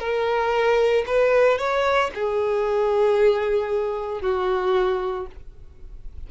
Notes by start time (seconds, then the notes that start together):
0.00 A#4
1.07 B4
1.58 C#5
2.15 G#4
4.22 F#4